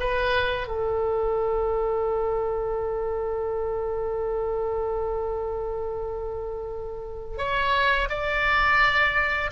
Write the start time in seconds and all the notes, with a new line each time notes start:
0.00 B4
0.68 A4
7.38 C#5
8.10 D5